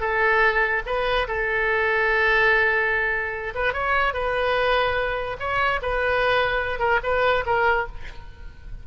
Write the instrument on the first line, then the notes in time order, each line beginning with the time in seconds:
oboe
0.00 A4
0.86 B4
1.27 A4
3.55 B4
3.73 C#5
4.13 B4
5.39 C#5
5.82 B4
6.79 A#4
7.03 B4
7.46 A#4